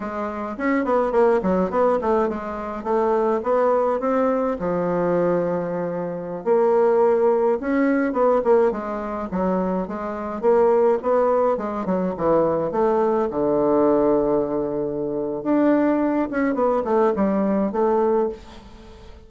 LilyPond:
\new Staff \with { instrumentName = "bassoon" } { \time 4/4 \tempo 4 = 105 gis4 cis'8 b8 ais8 fis8 b8 a8 | gis4 a4 b4 c'4 | f2.~ f16 ais8.~ | ais4~ ais16 cis'4 b8 ais8 gis8.~ |
gis16 fis4 gis4 ais4 b8.~ | b16 gis8 fis8 e4 a4 d8.~ | d2. d'4~ | d'8 cis'8 b8 a8 g4 a4 | }